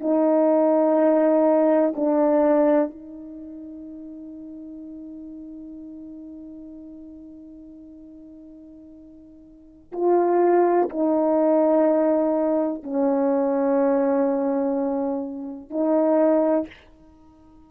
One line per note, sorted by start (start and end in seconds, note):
0.00 1.94 D#4
1.95 2.90 D4
2.90 9.91 D#4
9.92 10.89 F4
10.89 12.83 D#4
12.83 15.70 C#4
15.70 16.67 D#4